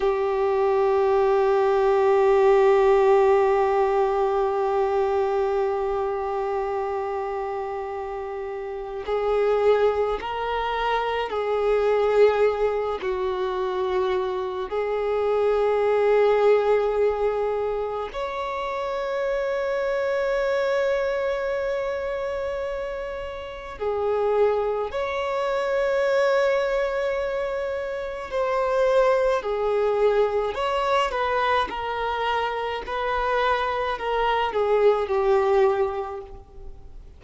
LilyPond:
\new Staff \with { instrumentName = "violin" } { \time 4/4 \tempo 4 = 53 g'1~ | g'1 | gis'4 ais'4 gis'4. fis'8~ | fis'4 gis'2. |
cis''1~ | cis''4 gis'4 cis''2~ | cis''4 c''4 gis'4 cis''8 b'8 | ais'4 b'4 ais'8 gis'8 g'4 | }